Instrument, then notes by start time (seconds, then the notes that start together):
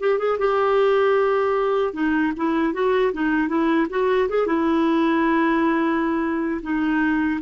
clarinet
0.00 G4
0.19 G#4
0.39 G4
1.94 D#4
2.37 E4
2.73 F#4
3.13 D#4
3.49 E4
3.90 F#4
4.29 G#4
4.47 E4
6.63 D#4